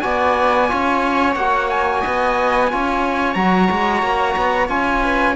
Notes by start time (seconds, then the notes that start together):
0.00 B3 F#4 D5 G#5
0.68 C#4 F4 C#5
1.34 A#3 F#4 F#5
1.69 G#5
2.01 B3 D#5
2.70 C#4 F4 C#5
3.33 F#3 F#4 A#5
3.70 G#3
4.02 A#3
4.36 B3
4.69 C#4 F4 G#5
5.01 B4